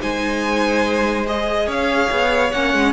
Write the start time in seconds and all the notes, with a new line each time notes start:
0.00 G#3 D#4 C5 G#5
1.26 G#4 D#5
1.66 C#4 C#5 F5
2.11 B3
2.51 A#3 C#4 F#5
2.74 G#3